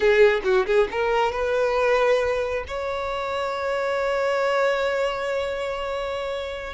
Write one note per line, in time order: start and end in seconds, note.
0.00 0.41 G#4
0.44 0.66 F#4
0.66 0.88 G#4
0.91 1.32 A#4
1.32 2.64 B4
2.67 6.73 C#5